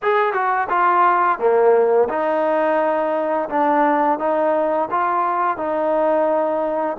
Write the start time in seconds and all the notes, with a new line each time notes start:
0.02 G#4
0.33 F#4
0.69 F4
1.38 A#3
2.09 D#4
3.49 D4
4.19 D#4
4.90 F4
5.57 D#4